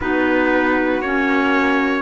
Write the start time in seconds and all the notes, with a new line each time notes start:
0.00 B3 D#4 F#4 B4
0.99 A#3 C#4 C#5